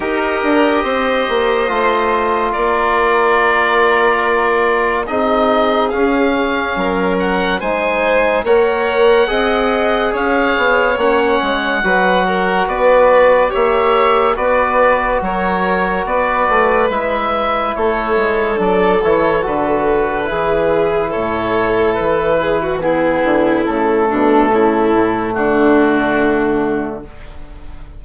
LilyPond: <<
  \new Staff \with { instrumentName = "oboe" } { \time 4/4 \tempo 4 = 71 dis''2. d''4~ | d''2 dis''4 f''4~ | f''8 fis''8 gis''4 fis''2 | f''4 fis''2 d''4 |
e''4 d''4 cis''4 d''4 | e''4 cis''4 d''8 cis''8 b'4~ | b'4 cis''4 b'4 gis'4 | a'2 fis'2 | }
  \new Staff \with { instrumentName = "violin" } { \time 4/4 ais'4 c''2 ais'4~ | ais'2 gis'2 | ais'4 c''4 cis''4 dis''4 | cis''2 b'8 ais'8 b'4 |
cis''4 b'4 ais'4 b'4~ | b'4 a'2. | gis'4 a'4. gis'16 fis'16 e'4~ | e'8 d'8 e'4 d'2 | }
  \new Staff \with { instrumentName = "trombone" } { \time 4/4 g'2 f'2~ | f'2 dis'4 cis'4~ | cis'4 dis'4 ais'4 gis'4~ | gis'4 cis'4 fis'2 |
g'4 fis'2. | e'2 d'8 e'8 fis'4 | e'2. b4 | a1 | }
  \new Staff \with { instrumentName = "bassoon" } { \time 4/4 dis'8 d'8 c'8 ais8 a4 ais4~ | ais2 c'4 cis'4 | fis4 gis4 ais4 c'4 | cis'8 b8 ais8 gis8 fis4 b4 |
ais4 b4 fis4 b8 a8 | gis4 a8 gis8 fis8 e8 d4 | e4 a,4 e4. d8 | cis8 b,8 cis8 a,8 d2 | }
>>